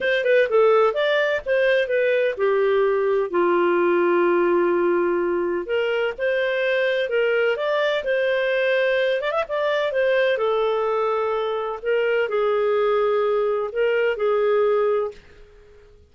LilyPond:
\new Staff \with { instrumentName = "clarinet" } { \time 4/4 \tempo 4 = 127 c''8 b'8 a'4 d''4 c''4 | b'4 g'2 f'4~ | f'1 | ais'4 c''2 ais'4 |
d''4 c''2~ c''8 d''16 e''16 | d''4 c''4 a'2~ | a'4 ais'4 gis'2~ | gis'4 ais'4 gis'2 | }